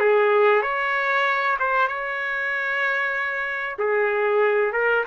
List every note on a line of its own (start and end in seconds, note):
0.00 0.62 G#4
0.62 1.57 C#5
1.59 1.88 C5
1.88 3.77 C#5
3.79 4.73 G#4
4.73 5.04 A#4